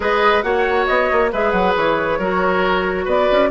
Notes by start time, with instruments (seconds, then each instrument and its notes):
0.00 bassoon G#3, clarinet G#4, oboe B4, flute D#5
0.42 bassoon A#3, clarinet F#4, oboe C#5, flute F#5
0.86 bassoon B3, flute D#5
1.12 bassoon A#3
1.32 bassoon G#3, clarinet G#4, oboe B4, flute E5
1.51 bassoon F#3, flute F#5
1.76 bassoon E3, flute C#5
2.18 bassoon F#3, clarinet F#4, oboe A#4
3.05 bassoon B3, oboe B4, flute D5
3.31 bassoon C#4